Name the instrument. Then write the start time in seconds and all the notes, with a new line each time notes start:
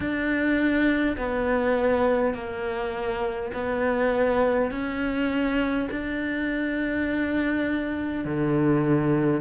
cello
0.00 D4
1.17 B3
2.34 A#3
3.53 B3
4.71 C#4
5.90 D4
8.24 D3